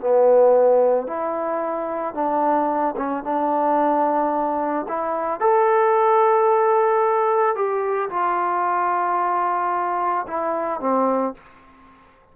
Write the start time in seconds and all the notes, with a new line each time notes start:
0.00 B3
1.07 E4
2.14 D4
2.97 C#4
3.24 D4
4.88 E4
5.40 A4
7.55 G4
8.10 F4
10.27 E4
10.80 C4